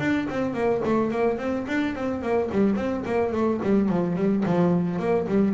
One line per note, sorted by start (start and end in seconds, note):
0.00 0.28 D4
0.30 0.54 C4
0.54 0.82 A#3
0.85 1.11 A3
1.11 1.39 A#3
1.39 1.66 C4
1.68 1.96 D4
1.96 2.22 C4
2.22 2.50 A#3
2.52 2.76 G3
2.76 3.04 C4
3.06 3.33 A#3
3.33 3.61 A3
3.63 3.89 G3
3.89 4.17 F3
4.17 4.44 G3
4.46 4.99 F3
4.99 5.27 A#3
5.28 5.55 G3